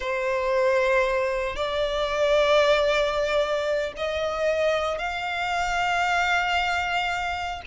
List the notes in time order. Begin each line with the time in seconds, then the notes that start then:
0.00 C5
1.56 D5
3.96 D#5
4.98 F5